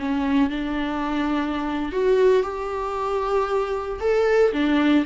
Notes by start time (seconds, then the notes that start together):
0.00 C#4
0.51 D4
1.93 F#4
2.43 G4
4.01 A4
4.53 D4